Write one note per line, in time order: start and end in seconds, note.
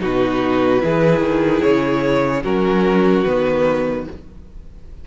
0.00 0.83 B2
0.00 0.80 D#4
0.00 0.83 F#4
0.00 1.62 B4
0.80 1.20 E3
0.80 2.42 E4
0.80 2.43 G#4
1.20 1.61 D#3
1.62 2.44 C#3
1.62 2.43 C#5
2.43 3.25 F#3
2.43 3.26 C#4
2.43 4.05 F#4
2.43 3.24 A#4
3.24 4.07 D#3
3.24 4.08 B3
3.24 4.05 B4